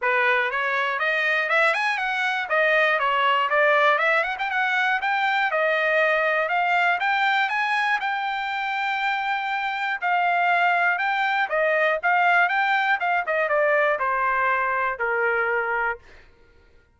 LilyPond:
\new Staff \with { instrumentName = "trumpet" } { \time 4/4 \tempo 4 = 120 b'4 cis''4 dis''4 e''8 gis''8 | fis''4 dis''4 cis''4 d''4 | e''8 fis''16 g''16 fis''4 g''4 dis''4~ | dis''4 f''4 g''4 gis''4 |
g''1 | f''2 g''4 dis''4 | f''4 g''4 f''8 dis''8 d''4 | c''2 ais'2 | }